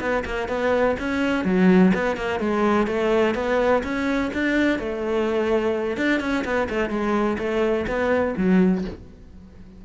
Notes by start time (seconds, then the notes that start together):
0.00 B3
0.25 A#3
0.48 B3
0.99 C#4
1.45 F#3
1.94 B3
2.16 A#3
2.40 G#3
2.87 A3
3.35 B3
3.83 C#4
4.33 D4
4.79 A3
5.97 D4
6.20 C#4
6.44 B3
6.69 A3
6.90 G#3
7.38 A3
7.87 B3
8.37 F#3